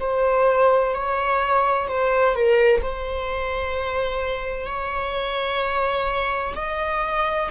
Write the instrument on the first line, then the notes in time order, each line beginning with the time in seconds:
viola
0.00 C5
0.94 C#5
1.87 C5
2.34 A#4
2.82 C5
4.66 C#5
6.55 D#5